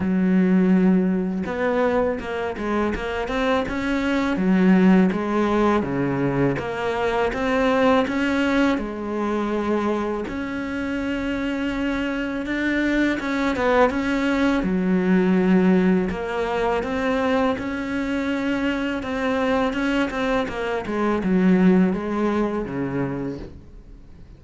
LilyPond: \new Staff \with { instrumentName = "cello" } { \time 4/4 \tempo 4 = 82 fis2 b4 ais8 gis8 | ais8 c'8 cis'4 fis4 gis4 | cis4 ais4 c'4 cis'4 | gis2 cis'2~ |
cis'4 d'4 cis'8 b8 cis'4 | fis2 ais4 c'4 | cis'2 c'4 cis'8 c'8 | ais8 gis8 fis4 gis4 cis4 | }